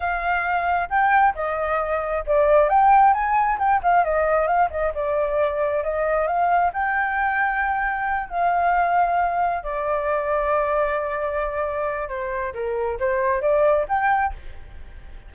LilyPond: \new Staff \with { instrumentName = "flute" } { \time 4/4 \tempo 4 = 134 f''2 g''4 dis''4~ | dis''4 d''4 g''4 gis''4 | g''8 f''8 dis''4 f''8 dis''8 d''4~ | d''4 dis''4 f''4 g''4~ |
g''2~ g''8 f''4.~ | f''4. d''2~ d''8~ | d''2. c''4 | ais'4 c''4 d''4 g''4 | }